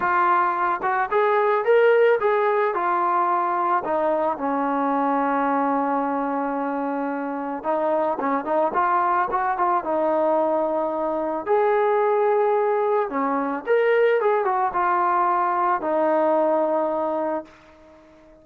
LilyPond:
\new Staff \with { instrumentName = "trombone" } { \time 4/4 \tempo 4 = 110 f'4. fis'8 gis'4 ais'4 | gis'4 f'2 dis'4 | cis'1~ | cis'2 dis'4 cis'8 dis'8 |
f'4 fis'8 f'8 dis'2~ | dis'4 gis'2. | cis'4 ais'4 gis'8 fis'8 f'4~ | f'4 dis'2. | }